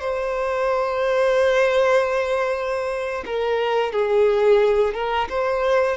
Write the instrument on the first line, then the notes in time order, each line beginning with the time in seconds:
violin
0.00 C5
3.26 A#4
3.92 G#4
4.94 A#4
5.29 C5